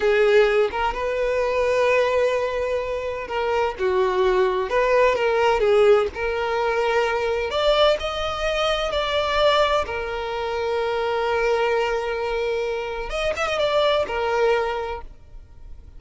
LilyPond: \new Staff \with { instrumentName = "violin" } { \time 4/4 \tempo 4 = 128 gis'4. ais'8 b'2~ | b'2. ais'4 | fis'2 b'4 ais'4 | gis'4 ais'2. |
d''4 dis''2 d''4~ | d''4 ais'2.~ | ais'1 | dis''8 e''16 dis''16 d''4 ais'2 | }